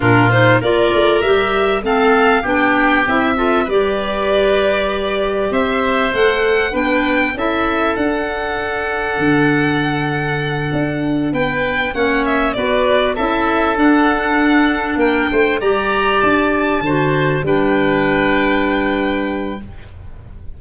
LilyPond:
<<
  \new Staff \with { instrumentName = "violin" } { \time 4/4 \tempo 4 = 98 ais'8 c''8 d''4 e''4 f''4 | g''4 e''4 d''2~ | d''4 e''4 fis''4 g''4 | e''4 fis''2.~ |
fis''2~ fis''8 g''4 fis''8 | e''8 d''4 e''4 fis''4.~ | fis''8 g''4 ais''4 a''4.~ | a''8 g''2.~ g''8 | }
  \new Staff \with { instrumentName = "oboe" } { \time 4/4 f'4 ais'2 a'4 | g'4. a'8 b'2~ | b'4 c''2 b'4 | a'1~ |
a'2~ a'8 b'4 cis''8~ | cis''8 b'4 a'2~ a'8~ | a'8 ais'8 c''8 d''2 c''8~ | c''8 b'2.~ b'8 | }
  \new Staff \with { instrumentName = "clarinet" } { \time 4/4 d'8 dis'8 f'4 g'4 c'4 | d'4 e'8 f'8 g'2~ | g'2 a'4 d'4 | e'4 d'2.~ |
d'2.~ d'8 cis'8~ | cis'8 fis'4 e'4 d'4.~ | d'4. g'2 fis'8~ | fis'8 d'2.~ d'8 | }
  \new Staff \with { instrumentName = "tuba" } { \time 4/4 ais,4 ais8 a8 g4 a4 | b4 c'4 g2~ | g4 c'4 a4 b4 | cis'4 d'2 d4~ |
d4. d'4 b4 ais8~ | ais8 b4 cis'4 d'4.~ | d'8 ais8 a8 g4 d'4 d8~ | d8 g2.~ g8 | }
>>